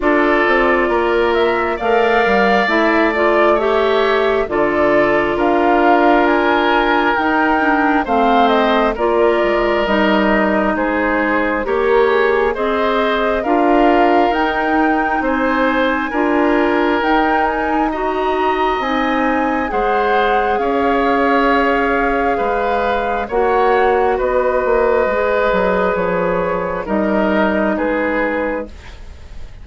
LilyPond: <<
  \new Staff \with { instrumentName = "flute" } { \time 4/4 \tempo 4 = 67 d''4. e''8 f''4 e''8 d''8 | e''4 d''4 f''4 gis''4 | g''4 f''8 dis''8 d''4 dis''4 | c''4 ais'8 gis'8 dis''4 f''4 |
g''4 gis''2 g''8 gis''8 | ais''4 gis''4 fis''4 f''4~ | f''2 fis''4 dis''4~ | dis''4 cis''4 dis''4 b'4 | }
  \new Staff \with { instrumentName = "oboe" } { \time 4/4 a'4 ais'4 d''2 | cis''4 a'4 ais'2~ | ais'4 c''4 ais'2 | gis'4 cis''4 c''4 ais'4~ |
ais'4 c''4 ais'2 | dis''2 c''4 cis''4~ | cis''4 b'4 cis''4 b'4~ | b'2 ais'4 gis'4 | }
  \new Staff \with { instrumentName = "clarinet" } { \time 4/4 f'2 ais'4 e'8 f'8 | g'4 f'2. | dis'8 d'8 c'4 f'4 dis'4~ | dis'4 g'4 gis'4 f'4 |
dis'2 f'4 dis'4 | fis'4 dis'4 gis'2~ | gis'2 fis'2 | gis'2 dis'2 | }
  \new Staff \with { instrumentName = "bassoon" } { \time 4/4 d'8 c'8 ais4 a8 g8 a4~ | a4 d4 d'2 | dis'4 a4 ais8 gis8 g4 | gis4 ais4 c'4 d'4 |
dis'4 c'4 d'4 dis'4~ | dis'4 c'4 gis4 cis'4~ | cis'4 gis4 ais4 b8 ais8 | gis8 fis8 f4 g4 gis4 | }
>>